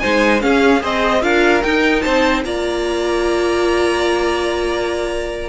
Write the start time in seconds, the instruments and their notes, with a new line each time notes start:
0.00 cello G#3, viola D#4, violin C5 G#5
0.40 viola C#4, cello C#4, violin G#4 F5
0.80 cello C4, viola G#4, violin C5 D#5
1.22 cello D4, viola F4, violin A#4 F5
1.63 cello D#4, viola D#4, violin G5
2.01 cello C4, violin C5 A5
2.44 cello A#3, viola F4, violin D5 A#5